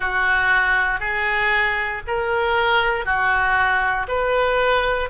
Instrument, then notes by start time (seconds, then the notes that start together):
oboe
0.00 F#4
1.00 G#4
2.07 A#4
3.05 F#4
4.08 B4